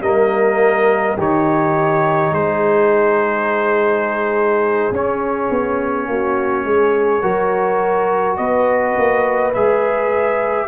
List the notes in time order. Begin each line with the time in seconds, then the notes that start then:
0.00 G3 A#3 A#4 D#5
1.17 D#3 D#4 G4 C#5
2.31 G#3 G#4 C5
4.91 C#4 C#5
5.50 B3
6.07 A#3 F#4
6.64 G#3 G#4
7.21 F#3 F#4 A#4
8.36 B3 B4 D#5
8.97 A#3
9.53 G#3 G#4 E5